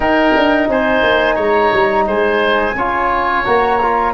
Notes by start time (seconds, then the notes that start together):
0.00 D#4 A#4 G5
0.35 D4
0.68 C4 C5 G#5
1.03 A#3
1.35 G#3 C#5 A#5
1.73 G3
2.07 G#3 C5 G#5
2.74 C#4 F4 C#5
3.44 A#3 F#4 A#5
3.81 F4